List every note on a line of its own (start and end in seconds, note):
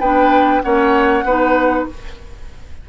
0.00 0.62 B3
0.00 0.63 D4
0.00 0.62 B4
0.00 0.62 G5
0.63 1.24 A#3
0.63 1.25 C#4
0.63 1.25 C#5
0.63 1.86 F#5
1.24 1.86 B3
1.24 1.89 D#4
1.24 1.87 B4